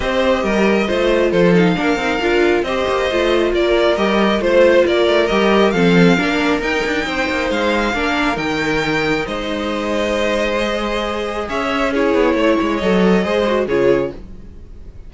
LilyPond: <<
  \new Staff \with { instrumentName = "violin" } { \time 4/4 \tempo 4 = 136 dis''2. c''8 f''8~ | f''2 dis''2 | d''4 dis''4 c''4 d''4 | dis''4 f''2 g''4~ |
g''4 f''2 g''4~ | g''4 dis''2.~ | dis''2 e''4 cis''4~ | cis''4 dis''2 cis''4 | }
  \new Staff \with { instrumentName = "violin" } { \time 4/4 c''4 ais'4 c''4 a'4 | ais'2 c''2 | ais'2 c''4 ais'4~ | ais'4 a'4 ais'2 |
c''2 ais'2~ | ais'4 c''2.~ | c''2 cis''4 gis'4 | cis''2 c''4 gis'4 | }
  \new Staff \with { instrumentName = "viola" } { \time 4/4 g'2 f'4. dis'8 | d'8 dis'8 f'4 g'4 f'4~ | f'4 g'4 f'2 | g'4 c'4 d'4 dis'4~ |
dis'2 d'4 dis'4~ | dis'1 | gis'2. e'4~ | e'4 a'4 gis'8 fis'8 f'4 | }
  \new Staff \with { instrumentName = "cello" } { \time 4/4 c'4 g4 a4 f4 | ais8 c'8 d'4 c'8 ais8 a4 | ais4 g4 a4 ais8 a8 | g4 f4 ais4 dis'8 d'8 |
c'8 ais8 gis4 ais4 dis4~ | dis4 gis2.~ | gis2 cis'4. b8 | a8 gis8 fis4 gis4 cis4 | }
>>